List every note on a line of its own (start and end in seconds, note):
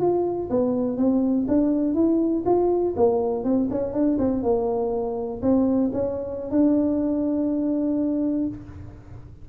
0.00 0.49 F4
0.50 0.97 B3
0.97 1.47 C4
1.48 1.95 D4
1.95 2.44 E4
2.46 2.95 F4
2.97 3.44 A#3
3.44 3.69 C4
3.71 3.93 C#4
3.93 4.18 D4
4.19 4.43 C4
4.43 5.41 A#3
5.42 5.91 C4
5.93 6.51 C#4
6.51 8.48 D4